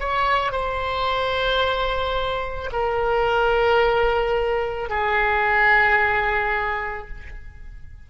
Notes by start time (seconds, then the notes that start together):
0.00 C#5
0.52 C5
2.72 A#4
4.90 G#4